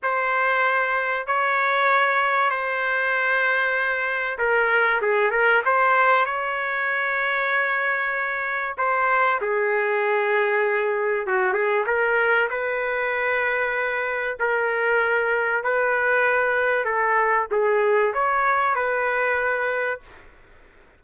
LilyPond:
\new Staff \with { instrumentName = "trumpet" } { \time 4/4 \tempo 4 = 96 c''2 cis''2 | c''2. ais'4 | gis'8 ais'8 c''4 cis''2~ | cis''2 c''4 gis'4~ |
gis'2 fis'8 gis'8 ais'4 | b'2. ais'4~ | ais'4 b'2 a'4 | gis'4 cis''4 b'2 | }